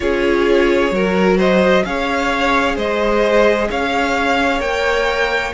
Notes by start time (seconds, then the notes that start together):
0.00 C#4 F4 G#4 C#5
0.91 F#3 F#4 A#4
1.37 C5 D#5
1.85 C#4 G#4 C#5 F5
2.75 G#3 C5 D#5
3.70 C#4 C#5 F5
4.59 A#3 A#4 G5